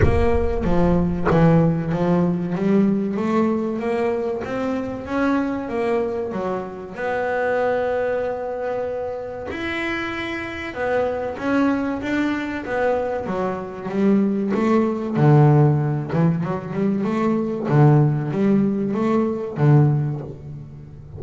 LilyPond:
\new Staff \with { instrumentName = "double bass" } { \time 4/4 \tempo 4 = 95 ais4 f4 e4 f4 | g4 a4 ais4 c'4 | cis'4 ais4 fis4 b4~ | b2. e'4~ |
e'4 b4 cis'4 d'4 | b4 fis4 g4 a4 | d4. e8 fis8 g8 a4 | d4 g4 a4 d4 | }